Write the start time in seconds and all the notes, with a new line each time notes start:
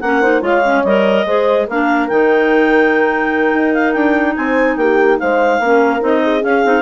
0.00 A#3 C#4 A#4 F#5
0.21 D#4 C5
0.41 G#3 F4 C#5 F5
0.64 C#4
0.83 G3 A#4 D#5
1.26 G#3 G#4 C5
1.67 A#3 D4 A#4 F5
2.08 D#3 D#4 G5
3.54 D#4
3.73 F5
3.92 D4 G5
4.36 C4 C5 G#5
4.76 A#3 G4 G5
5.19 G#3 C5 F5
5.59 A#3 C#4 A#4
6.00 C4 D#4 D#5
6.23 G#4
6.40 C#4 F5
6.64 C4 D#4